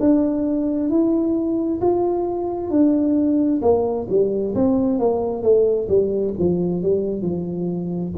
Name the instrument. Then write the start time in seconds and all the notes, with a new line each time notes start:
tuba
0.00 D4
0.90 E4
1.81 F4
2.70 D4
3.62 A#3
4.10 G3
4.55 C4
4.99 A#3
5.43 A3
5.89 G3
6.39 F3
6.83 G3
7.22 F3